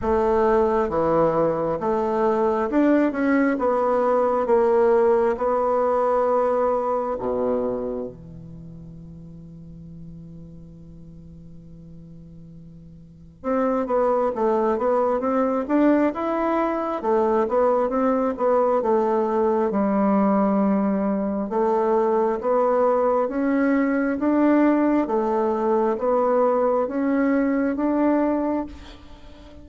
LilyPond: \new Staff \with { instrumentName = "bassoon" } { \time 4/4 \tempo 4 = 67 a4 e4 a4 d'8 cis'8 | b4 ais4 b2 | b,4 e2.~ | e2. c'8 b8 |
a8 b8 c'8 d'8 e'4 a8 b8 | c'8 b8 a4 g2 | a4 b4 cis'4 d'4 | a4 b4 cis'4 d'4 | }